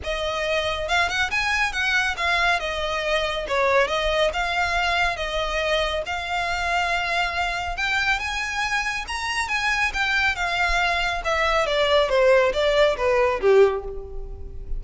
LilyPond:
\new Staff \with { instrumentName = "violin" } { \time 4/4 \tempo 4 = 139 dis''2 f''8 fis''8 gis''4 | fis''4 f''4 dis''2 | cis''4 dis''4 f''2 | dis''2 f''2~ |
f''2 g''4 gis''4~ | gis''4 ais''4 gis''4 g''4 | f''2 e''4 d''4 | c''4 d''4 b'4 g'4 | }